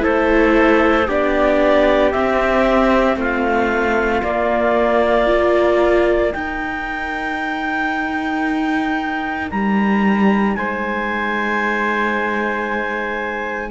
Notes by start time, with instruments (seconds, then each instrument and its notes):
0.00 cello A3, viola E4, trumpet A4, clarinet C5
1.08 cello B3, viola D4, trumpet G4, clarinet D5
2.12 cello C4, viola C4, clarinet E5
3.17 cello A3, trumpet F4, clarinet F5
4.23 viola A#3, cello A#3, clarinet D5
5.27 viola F4, trumpet A#4
6.32 viola D#4, cello D#4, clarinet G5
9.50 cello G3, clarinet A#5
10.55 cello G#3, trumpet C5, clarinet G#5